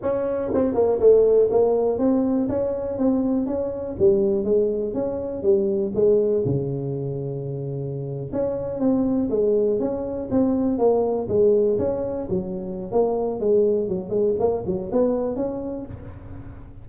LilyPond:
\new Staff \with { instrumentName = "tuba" } { \time 4/4 \tempo 4 = 121 cis'4 c'8 ais8 a4 ais4 | c'4 cis'4 c'4 cis'4 | g4 gis4 cis'4 g4 | gis4 cis2.~ |
cis8. cis'4 c'4 gis4 cis'16~ | cis'8. c'4 ais4 gis4 cis'16~ | cis'8. fis4~ fis16 ais4 gis4 | fis8 gis8 ais8 fis8 b4 cis'4 | }